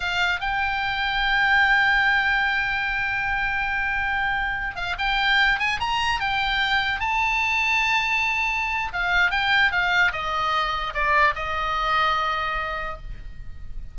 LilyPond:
\new Staff \with { instrumentName = "oboe" } { \time 4/4 \tempo 4 = 148 f''4 g''2.~ | g''1~ | g''2.~ g''8. f''16~ | f''16 g''4. gis''8 ais''4 g''8.~ |
g''4~ g''16 a''2~ a''8.~ | a''2 f''4 g''4 | f''4 dis''2 d''4 | dis''1 | }